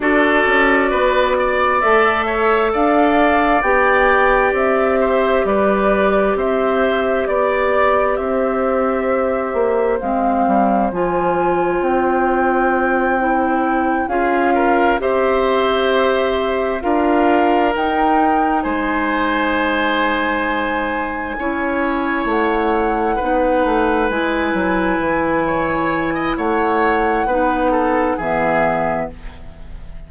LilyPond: <<
  \new Staff \with { instrumentName = "flute" } { \time 4/4 \tempo 4 = 66 d''2 e''4 f''4 | g''4 e''4 d''4 e''4 | d''4 e''2 f''4 | gis''4 g''2~ g''8 f''8~ |
f''8 e''2 f''4 g''8~ | g''8 gis''2.~ gis''8~ | gis''8 fis''2 gis''4.~ | gis''4 fis''2 e''4 | }
  \new Staff \with { instrumentName = "oboe" } { \time 4/4 a'4 b'8 d''4 cis''8 d''4~ | d''4. c''8 b'4 c''4 | d''4 c''2.~ | c''2.~ c''8 gis'8 |
ais'8 c''2 ais'4.~ | ais'8 c''2. cis''8~ | cis''4. b'2~ b'8 | cis''8. dis''16 cis''4 b'8 a'8 gis'4 | }
  \new Staff \with { instrumentName = "clarinet" } { \time 4/4 fis'2 a'2 | g'1~ | g'2. c'4 | f'2~ f'8 e'4 f'8~ |
f'8 g'2 f'4 dis'8~ | dis'2.~ dis'8 e'8~ | e'4. dis'4 e'4.~ | e'2 dis'4 b4 | }
  \new Staff \with { instrumentName = "bassoon" } { \time 4/4 d'8 cis'8 b4 a4 d'4 | b4 c'4 g4 c'4 | b4 c'4. ais8 gis8 g8 | f4 c'2~ c'8 cis'8~ |
cis'8 c'2 d'4 dis'8~ | dis'8 gis2. cis'8~ | cis'8 a4 b8 a8 gis8 fis8 e8~ | e4 a4 b4 e4 | }
>>